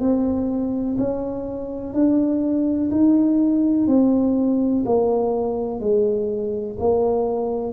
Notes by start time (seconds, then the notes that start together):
0.00 C4
0.98 C#4
1.94 D4
2.91 D#4
3.87 C4
4.85 A#3
5.80 G#3
6.79 A#3